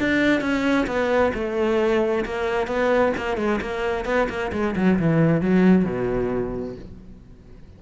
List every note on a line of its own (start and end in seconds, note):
0.00 0.41 D4
0.41 0.87 C#4
0.87 1.33 B3
1.34 2.25 A3
2.25 2.67 A#3
2.67 3.13 B3
3.18 3.38 A#3
3.38 3.60 G#3
3.62 4.06 A#3
4.06 4.28 B3
4.29 4.52 A#3
4.53 4.75 G#3
4.76 4.99 F#3
4.99 5.42 E3
5.42 5.85 F#3
5.85 6.76 B2